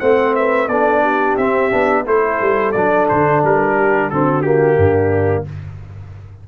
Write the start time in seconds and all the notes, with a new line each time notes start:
0.00 A3 C4 C5 F#5
0.36 B4 E5
0.68 B3 D4 A4 D5
1.03 G4
1.37 C4 E5
1.71 B3 D4
2.06 A3 E4 A4 C5
2.41 G3
2.72 F#3 D4 D5
3.09 D3 C5
3.44 G3 A#4
3.76 G4
4.10 D3 C4 F#4 A4
4.42 A#3 G4
4.77 G2 D4